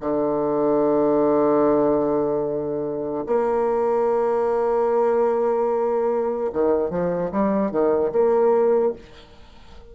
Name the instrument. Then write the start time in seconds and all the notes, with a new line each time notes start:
bassoon
0.00 D3
3.27 A#3
6.53 D#3
6.90 F3
7.32 G3
7.71 D#3
8.12 A#3